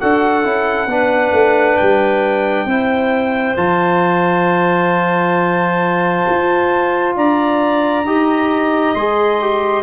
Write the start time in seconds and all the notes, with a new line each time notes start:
0.00 D4 F#4 A4 F#5
0.44 C#4 E4
0.87 B3 D4 B4
1.32 A3
1.77 G3 G5
2.65 C4 E4 C5
3.57 F3 F4 A5
6.29 F4
7.16 D4 D5 A#5
8.04 D#4 G4 D#5
8.95 G#3 G#4 C6
9.41 G4